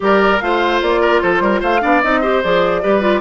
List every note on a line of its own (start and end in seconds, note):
0.00 0.41 G3
0.00 0.39 G4
0.00 0.43 A#4
0.00 0.39 D5
0.39 0.81 A3
0.39 1.81 F4
0.39 1.01 C5
0.39 0.80 F5
0.81 1.21 A#3
0.81 1.21 D5
1.01 1.21 A#4
1.21 1.40 F3
1.21 1.42 A4
1.21 1.61 C5
1.40 1.60 G3
1.40 1.60 A#4
1.60 1.82 A3
1.60 1.80 C5
1.60 2.02 F5
1.81 2.03 B3
1.81 2.01 D4
1.81 2.20 D5
2.02 2.43 C4
2.02 2.22 D#4
2.02 2.42 D#5
2.20 2.43 G4
2.20 2.81 C5
2.43 2.83 F3
2.43 2.82 G#4
2.43 3.20 D5
2.82 3.20 G3
2.82 3.01 G4
2.82 3.20 B4
3.01 3.20 F4